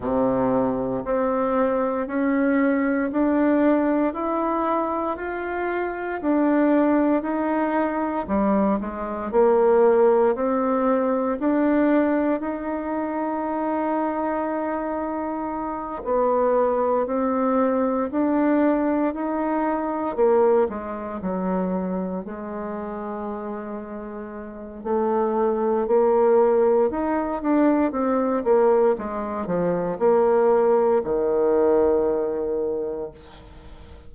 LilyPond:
\new Staff \with { instrumentName = "bassoon" } { \time 4/4 \tempo 4 = 58 c4 c'4 cis'4 d'4 | e'4 f'4 d'4 dis'4 | g8 gis8 ais4 c'4 d'4 | dis'2.~ dis'8 b8~ |
b8 c'4 d'4 dis'4 ais8 | gis8 fis4 gis2~ gis8 | a4 ais4 dis'8 d'8 c'8 ais8 | gis8 f8 ais4 dis2 | }